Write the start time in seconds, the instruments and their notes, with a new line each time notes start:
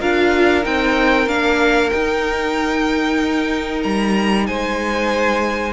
0.00 cello D4, viola F4, violin A#4 F5
0.63 cello C4, viola D#4, violin G5
1.27 cello A#3, viola D4, violin F5
1.90 viola D#4, cello D#4, violin G5
3.83 cello G3, violin A#5
4.47 cello G#3, violin C5 G#5